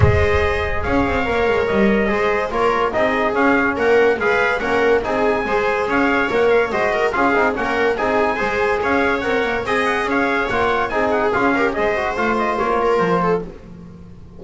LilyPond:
<<
  \new Staff \with { instrumentName = "trumpet" } { \time 4/4 \tempo 4 = 143 dis''2 f''2 | dis''2 cis''4 dis''4 | f''4 fis''4 f''4 fis''4 | gis''2 f''4 fis''8 f''8 |
dis''4 f''4 fis''4 gis''4~ | gis''4 f''4 fis''4 gis''8 fis''8 | f''4 fis''4 gis''8 fis''8 f''4 | dis''4 f''8 dis''8 cis''4 c''4 | }
  \new Staff \with { instrumentName = "viola" } { \time 4/4 c''2 cis''2~ | cis''4 c''4 ais'4 gis'4~ | gis'4 ais'4 b'4 ais'4 | gis'4 c''4 cis''2 |
c''8 ais'8 gis'4 ais'4 gis'4 | c''4 cis''2 dis''4 | cis''2 gis'4. ais'8 | c''2~ c''8 ais'4 a'8 | }
  \new Staff \with { instrumentName = "trombone" } { \time 4/4 gis'2. ais'4~ | ais'4 gis'4 f'4 dis'4 | cis'2 gis'4 cis'4 | dis'4 gis'2 ais'4 |
fis'4 f'8 dis'8 cis'4 dis'4 | gis'2 ais'4 gis'4~ | gis'4 f'4 dis'4 f'8 g'8 | gis'8 fis'8 f'2. | }
  \new Staff \with { instrumentName = "double bass" } { \time 4/4 gis2 cis'8 c'8 ais8 gis8 | g4 gis4 ais4 c'4 | cis'4 ais4 gis4 ais4 | c'4 gis4 cis'4 ais4 |
gis4 cis'8 c'8 ais4 c'4 | gis4 cis'4 c'8 ais8 c'4 | cis'4 ais4 c'4 cis'4 | gis4 a4 ais4 f4 | }
>>